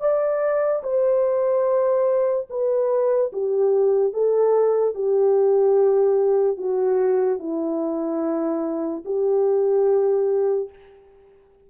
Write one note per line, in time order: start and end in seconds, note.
0.00 0.82 D5
0.83 2.47 C5
2.50 3.31 B4
3.33 4.12 G4
4.12 4.94 A4
4.94 6.57 G4
6.57 7.39 F#4
7.39 9.03 E4
9.05 10.69 G4